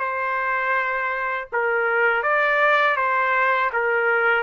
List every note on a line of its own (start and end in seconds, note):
0.00 1.48 C5
1.53 2.23 A#4
2.23 2.97 D5
2.97 3.71 C5
3.73 4.44 A#4